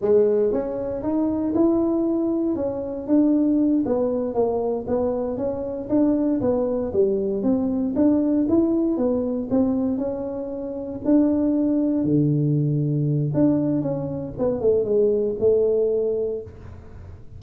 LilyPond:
\new Staff \with { instrumentName = "tuba" } { \time 4/4 \tempo 4 = 117 gis4 cis'4 dis'4 e'4~ | e'4 cis'4 d'4. b8~ | b8 ais4 b4 cis'4 d'8~ | d'8 b4 g4 c'4 d'8~ |
d'8 e'4 b4 c'4 cis'8~ | cis'4. d'2 d8~ | d2 d'4 cis'4 | b8 a8 gis4 a2 | }